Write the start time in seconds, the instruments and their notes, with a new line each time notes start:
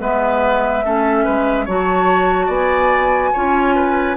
0.00 bassoon G#3, clarinet B3, oboe B4, flute E5
0.83 bassoon A3, clarinet C#4, oboe A4
1.25 bassoon G#3, oboe B4
1.65 bassoon F#3, clarinet F#4, oboe C#5, flute A5
2.46 bassoon B3, oboe D5, flute G#5
3.34 bassoon C#4, clarinet F4, oboe C#5
3.76 oboe B4